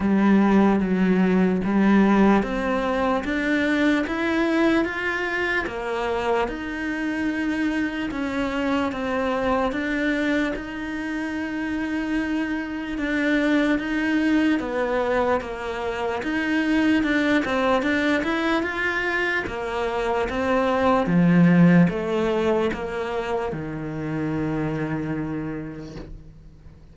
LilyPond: \new Staff \with { instrumentName = "cello" } { \time 4/4 \tempo 4 = 74 g4 fis4 g4 c'4 | d'4 e'4 f'4 ais4 | dis'2 cis'4 c'4 | d'4 dis'2. |
d'4 dis'4 b4 ais4 | dis'4 d'8 c'8 d'8 e'8 f'4 | ais4 c'4 f4 a4 | ais4 dis2. | }